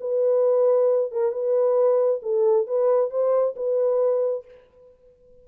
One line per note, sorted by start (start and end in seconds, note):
0.00 1.11 B4
1.11 1.32 A#4
1.32 2.20 B4
2.22 2.66 A4
2.66 3.10 B4
3.10 3.55 C5
3.56 4.44 B4